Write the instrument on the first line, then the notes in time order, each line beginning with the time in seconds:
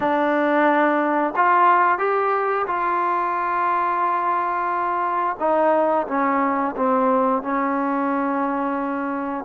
trombone
0.00 D4
1.36 F4
1.98 G4
2.66 F4
5.39 D#4
6.07 C#4
6.76 C4
7.42 C#4